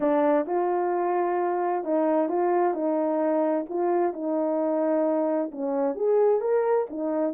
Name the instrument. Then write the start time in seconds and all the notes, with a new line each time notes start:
horn
0.00 D4
0.46 F4
1.84 D#4
2.29 F4
2.74 D#4
3.69 F4
4.13 D#4
5.51 C#4
5.95 G#4
6.41 A#4
6.89 D#4